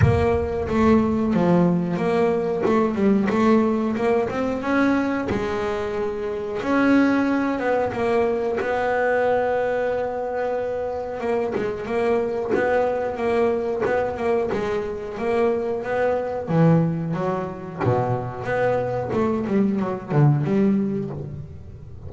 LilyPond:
\new Staff \with { instrumentName = "double bass" } { \time 4/4 \tempo 4 = 91 ais4 a4 f4 ais4 | a8 g8 a4 ais8 c'8 cis'4 | gis2 cis'4. b8 | ais4 b2.~ |
b4 ais8 gis8 ais4 b4 | ais4 b8 ais8 gis4 ais4 | b4 e4 fis4 b,4 | b4 a8 g8 fis8 d8 g4 | }